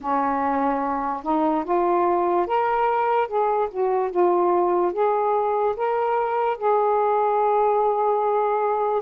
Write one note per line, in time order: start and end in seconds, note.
0.00 1.23 C#4
1.23 1.64 D#4
1.64 2.46 F4
2.46 3.27 A#4
3.27 3.68 G#4
3.70 4.10 F#4
4.10 4.92 F4
4.92 5.75 G#4
5.76 6.57 A#4
6.57 9.02 G#4